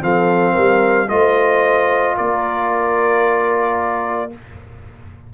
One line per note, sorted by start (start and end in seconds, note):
0.00 0.56 F3
0.00 1.07 C4
0.00 0.53 A4
0.00 1.09 F5
0.53 1.10 G3
0.53 1.06 A#4
1.08 2.17 A3
1.08 4.30 F4
1.08 2.17 C5
1.08 2.16 D#5
2.17 4.33 A#3
2.17 4.31 A#4
2.17 4.31 D5